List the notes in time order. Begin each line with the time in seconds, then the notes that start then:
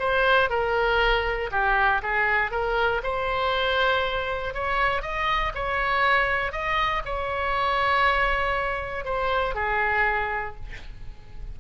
0.00 C5
0.50 A#4
1.51 G4
2.03 G#4
2.51 A#4
3.03 C5
4.54 C#5
5.02 D#5
5.55 C#5
6.52 D#5
7.05 C#5
9.05 C5
9.55 G#4